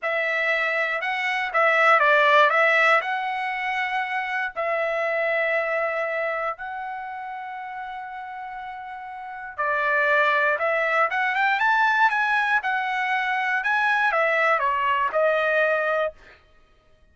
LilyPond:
\new Staff \with { instrumentName = "trumpet" } { \time 4/4 \tempo 4 = 119 e''2 fis''4 e''4 | d''4 e''4 fis''2~ | fis''4 e''2.~ | e''4 fis''2.~ |
fis''2. d''4~ | d''4 e''4 fis''8 g''8 a''4 | gis''4 fis''2 gis''4 | e''4 cis''4 dis''2 | }